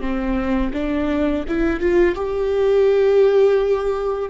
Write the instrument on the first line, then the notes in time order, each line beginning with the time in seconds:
viola
0.00 C4
0.73 D4
1.48 E4
1.80 F4
2.15 G4